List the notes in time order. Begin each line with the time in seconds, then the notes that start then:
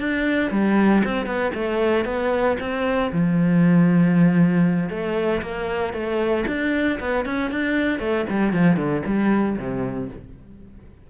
0.00 D4
0.51 G3
1.05 C4
1.27 B3
1.55 A3
2.06 B3
2.60 C4
3.12 F3
4.90 A3
5.42 A#3
5.94 A3
6.48 D4
7.00 B3
7.26 C#4
7.52 D4
8.00 A3
8.30 G3
8.54 F3
8.77 D3
9.06 G3
9.58 C3